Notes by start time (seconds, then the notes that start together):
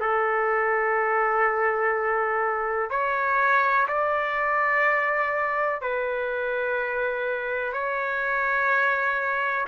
0.00 A4
2.90 C#5
3.88 D5
5.81 B4
7.73 C#5